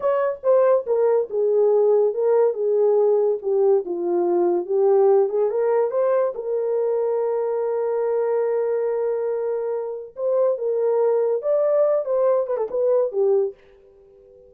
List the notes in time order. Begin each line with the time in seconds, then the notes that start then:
0.00 C#5
0.43 C5
0.86 A#4
1.29 G#4
2.14 A#4
2.53 G#4
3.41 G4
3.85 F4
4.66 G4
5.29 G#4
5.50 A#4
5.91 C5
6.34 A#4
10.16 C5
10.58 A#4
11.42 D5
12.05 C5
12.46 B4
12.57 A4
12.70 B4
13.11 G4